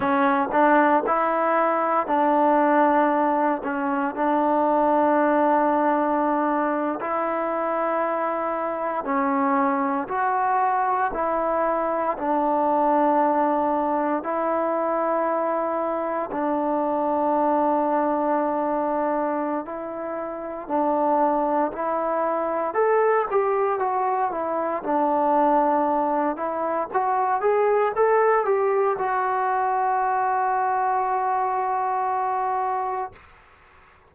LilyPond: \new Staff \with { instrumentName = "trombone" } { \time 4/4 \tempo 4 = 58 cis'8 d'8 e'4 d'4. cis'8 | d'2~ d'8. e'4~ e'16~ | e'8. cis'4 fis'4 e'4 d'16~ | d'4.~ d'16 e'2 d'16~ |
d'2. e'4 | d'4 e'4 a'8 g'8 fis'8 e'8 | d'4. e'8 fis'8 gis'8 a'8 g'8 | fis'1 | }